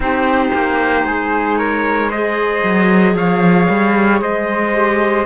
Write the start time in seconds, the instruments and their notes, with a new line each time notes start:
0.00 cello C4, clarinet D#4, flute G4, trumpet C5
0.54 cello A#3
1.04 cello G#3, flute G#4
1.57 flute A#4, trumpet C#5
2.08 clarinet G#4, flute C5, trumpet D#5
2.63 cello F#3
3.14 cello F3, flute C#5, trumpet F5
3.69 cello G3
4.21 cello G#3, flute C5, trumpet D#5
4.74 clarinet G4